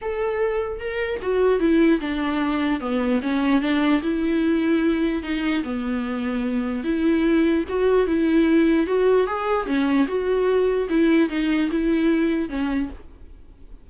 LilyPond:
\new Staff \with { instrumentName = "viola" } { \time 4/4 \tempo 4 = 149 a'2 ais'4 fis'4 | e'4 d'2 b4 | cis'4 d'4 e'2~ | e'4 dis'4 b2~ |
b4 e'2 fis'4 | e'2 fis'4 gis'4 | cis'4 fis'2 e'4 | dis'4 e'2 cis'4 | }